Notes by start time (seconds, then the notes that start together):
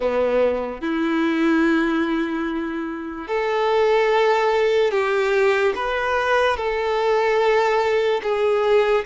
0.00 B3
0.81 E4
3.27 A4
4.91 G4
5.75 B4
6.56 A4
8.22 G#4